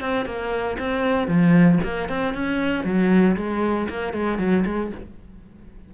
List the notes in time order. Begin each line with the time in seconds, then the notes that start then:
0.00 C4
0.25 A#3
0.79 C4
1.27 F3
1.83 A#3
2.09 C4
2.34 C#4
2.84 F#3
3.36 G#3
3.89 A#3
4.13 G#3
4.38 F#3
4.66 G#3